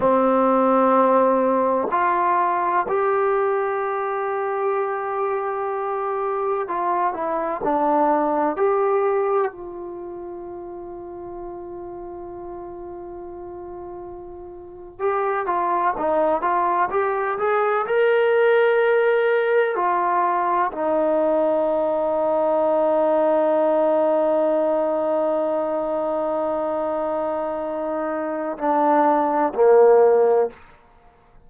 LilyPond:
\new Staff \with { instrumentName = "trombone" } { \time 4/4 \tempo 4 = 63 c'2 f'4 g'4~ | g'2. f'8 e'8 | d'4 g'4 f'2~ | f'2.~ f'8. g'16~ |
g'16 f'8 dis'8 f'8 g'8 gis'8 ais'4~ ais'16~ | ais'8. f'4 dis'2~ dis'16~ | dis'1~ | dis'2 d'4 ais4 | }